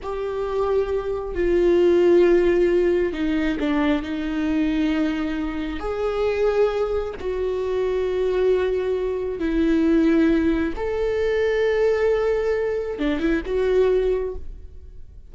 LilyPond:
\new Staff \with { instrumentName = "viola" } { \time 4/4 \tempo 4 = 134 g'2. f'4~ | f'2. dis'4 | d'4 dis'2.~ | dis'4 gis'2. |
fis'1~ | fis'4 e'2. | a'1~ | a'4 d'8 e'8 fis'2 | }